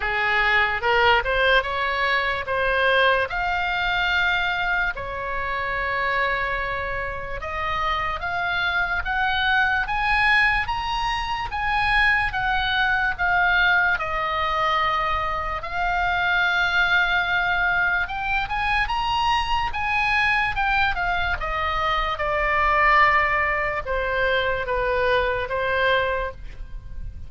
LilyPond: \new Staff \with { instrumentName = "oboe" } { \time 4/4 \tempo 4 = 73 gis'4 ais'8 c''8 cis''4 c''4 | f''2 cis''2~ | cis''4 dis''4 f''4 fis''4 | gis''4 ais''4 gis''4 fis''4 |
f''4 dis''2 f''4~ | f''2 g''8 gis''8 ais''4 | gis''4 g''8 f''8 dis''4 d''4~ | d''4 c''4 b'4 c''4 | }